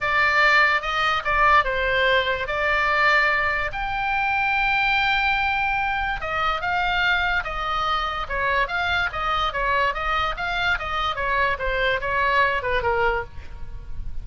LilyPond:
\new Staff \with { instrumentName = "oboe" } { \time 4/4 \tempo 4 = 145 d''2 dis''4 d''4 | c''2 d''2~ | d''4 g''2.~ | g''2. dis''4 |
f''2 dis''2 | cis''4 f''4 dis''4 cis''4 | dis''4 f''4 dis''4 cis''4 | c''4 cis''4. b'8 ais'4 | }